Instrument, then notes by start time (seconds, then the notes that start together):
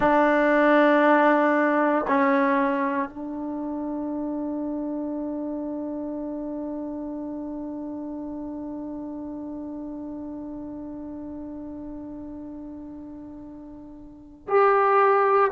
trombone
0.00 D4
2.07 C#4
3.09 D4
14.47 G4